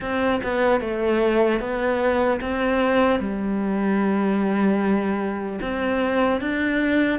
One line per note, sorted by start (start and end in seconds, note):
0.00 0.40 C4
0.43 0.80 B3
0.80 1.60 A3
1.60 2.40 B3
2.40 3.19 C4
3.19 5.59 G3
5.61 6.40 C4
6.40 7.19 D4